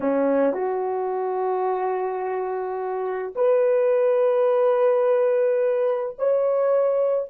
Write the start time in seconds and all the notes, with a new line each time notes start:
0.00 C#4
0.53 F#4
3.35 B4
6.18 C#5